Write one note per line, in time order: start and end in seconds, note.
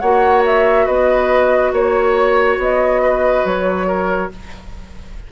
0.00 0.88 A#3
0.00 4.32 F#4
0.00 0.86 C#5
0.00 0.43 F#5
0.46 0.87 E5
0.86 1.73 B3
0.86 1.72 B4
0.86 1.73 D#5
1.73 2.58 A#3
1.73 3.02 C#5
1.73 2.61 C#5
2.58 3.44 B3
2.58 3.47 D#5
3.02 3.87 B4
3.45 4.31 F#3
3.45 4.32 C#5
3.87 4.30 A#4